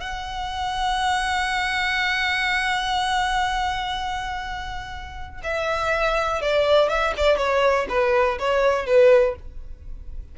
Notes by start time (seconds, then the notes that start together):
0.00 F#5
5.43 E5
6.41 D5
6.89 E5
7.16 D5
7.37 C#5
7.89 B4
8.39 C#5
8.86 B4